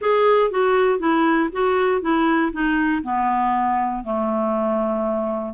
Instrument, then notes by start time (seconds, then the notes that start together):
clarinet
0.01 G#4
0.50 F#4
0.99 E4
1.52 F#4
2.01 E4
2.52 D#4
3.03 B3
4.03 A3